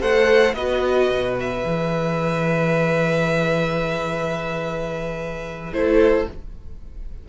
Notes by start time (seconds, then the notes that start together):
0.00 A3 A4 C5 F#5
0.54 B3 F#4 B4 D#5
1.09 B2
1.40 E5
1.64 E3 G#4
5.72 A3 E4 A4 C5